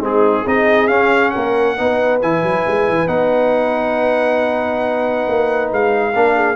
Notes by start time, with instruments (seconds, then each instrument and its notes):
0.00 tuba G#3, trombone C4, horn D#4, trumpet G#4
0.45 tuba C4, trombone D#4, horn G#4, trumpet D#5
0.88 trombone C#4, tuba C#4, trumpet F5
1.31 tuba A#3, horn A#4, trumpet F#5
1.77 tuba B3, trombone D#4, horn B4
2.22 tuba E3, trombone E4, trumpet G#5
2.43 tuba F#3
2.67 tuba G#3
2.89 tuba E3
3.07 tuba B3, trombone D#4, trumpet F#5
5.28 tuba A#3
5.72 tuba G#3, trumpet F5
6.15 tuba A#3, trombone D4, horn A#4
6.36 horn G#4